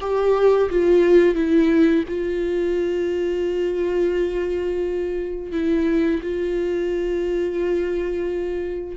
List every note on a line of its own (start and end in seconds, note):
0.00 0.69 G4
0.69 1.34 F4
1.34 2.03 E4
2.08 5.52 F4
5.52 6.21 E4
6.22 8.97 F4